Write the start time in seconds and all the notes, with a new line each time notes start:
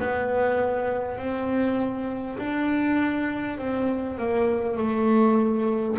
0.00 B3
1.18 C4
2.38 D4
3.58 C4
4.18 A#3
4.77 A3